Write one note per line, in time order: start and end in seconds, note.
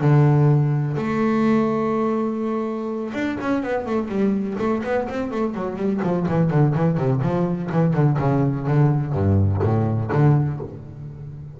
0.00 0.96 D3
0.97 3.13 A3
3.13 3.37 D4
3.41 3.62 C#4
3.62 3.86 B3
3.86 4.08 A3
4.08 4.56 G3
4.58 4.82 A3
4.83 5.07 B3
5.09 5.31 C4
5.31 5.54 A3
5.54 5.76 F#3
5.76 6.00 G3
6.03 6.27 F3
6.28 6.50 E3
6.50 6.74 D3
6.75 6.98 E3
6.98 7.22 C3
7.22 7.70 F3
7.72 7.94 E3
7.94 8.18 D3
8.18 8.66 C#3
8.67 9.13 D3
9.13 9.61 G2
9.63 10.11 A2
10.12 10.60 D3